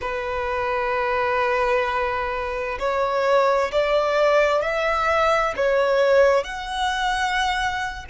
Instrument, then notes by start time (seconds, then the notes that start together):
violin
0.01 B4
2.79 C#5
3.71 D5
4.61 E5
5.56 C#5
6.43 F#5